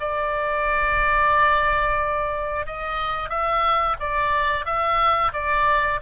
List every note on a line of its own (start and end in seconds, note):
0.00 2.66 D5
2.66 3.29 D#5
3.29 3.96 E5
4.00 4.65 D5
4.65 5.32 E5
5.33 6.00 D5